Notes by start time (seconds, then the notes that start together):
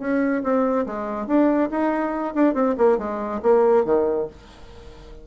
0.00 C#4
0.43 C4
0.86 G#3
1.27 D4
1.71 D#4
2.35 D4
2.54 C4
2.78 A#3
2.98 G#3
3.43 A#3
3.85 D#3